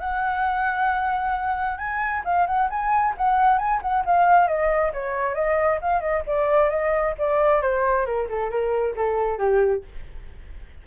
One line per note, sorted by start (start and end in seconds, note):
0.00 1.78 F#5
1.78 2.23 G#5
2.25 2.47 F5
2.47 2.69 F#5
2.70 3.15 G#5
3.18 3.58 F#5
3.58 3.81 G#5
3.82 4.05 F#5
4.06 4.48 F5
4.48 4.93 D#5
4.93 5.35 C#5
5.35 5.80 D#5
5.82 6.01 F5
6.01 6.23 D#5
6.27 6.70 D5
6.70 7.15 D#5
7.18 7.62 D5
7.62 8.06 C5
8.06 8.29 A#4
8.29 8.50 A4
8.50 8.95 A#4
8.96 9.38 A4
9.38 9.83 G4